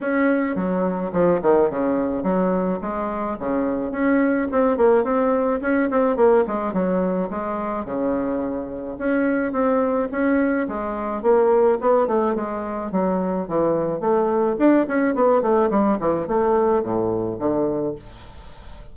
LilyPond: \new Staff \with { instrumentName = "bassoon" } { \time 4/4 \tempo 4 = 107 cis'4 fis4 f8 dis8 cis4 | fis4 gis4 cis4 cis'4 | c'8 ais8 c'4 cis'8 c'8 ais8 gis8 | fis4 gis4 cis2 |
cis'4 c'4 cis'4 gis4 | ais4 b8 a8 gis4 fis4 | e4 a4 d'8 cis'8 b8 a8 | g8 e8 a4 a,4 d4 | }